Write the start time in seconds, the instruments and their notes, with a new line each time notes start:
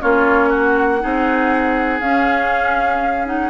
0.00 bassoon A#3, clarinet C#4, oboe F4, flute C#5
0.49 oboe F#4, flute F#5
1.00 bassoon C4, clarinet D#4, oboe G#4
2.00 bassoon C#4, clarinet C#4, flute F5
3.26 clarinet D#4, flute F#5